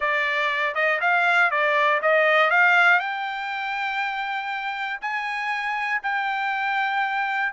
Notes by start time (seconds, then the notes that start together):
0.00 D5
0.74 D#5
1.00 F5
1.50 D5
2.02 D#5
2.50 F5
2.99 G5
5.01 G#5
6.02 G5